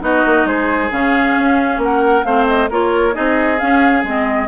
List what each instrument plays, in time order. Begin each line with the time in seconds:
0.00 bassoon B3, clarinet D#4, oboe F#4, flute D#5
0.25 bassoon A#3
0.44 bassoon G#3, oboe G#4, flute C5
0.90 bassoon C#3, clarinet C#4, flute F5
1.37 bassoon C#4
1.77 bassoon A#3, oboe A#4, flute F#5
2.24 bassoon A3, clarinet C4, oboe C5, flute F5
2.47 flute D#5
2.70 bassoon A#3, clarinet F4, oboe A#4, flute C#5
3.13 bassoon C4, clarinet D#4, oboe G#4, flute D#5
3.59 clarinet C#4, bassoon C#4, flute F5
4.03 bassoon G#3, clarinet C4, flute D#5